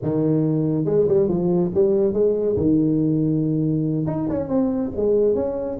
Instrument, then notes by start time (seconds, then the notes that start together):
tuba
0.02 D#3
0.85 G#3
1.07 G3
1.28 F3
1.74 G3
2.13 G#3
2.56 D#3
4.06 D#4
4.29 C#4
4.48 C4
4.96 G#3
5.34 C#4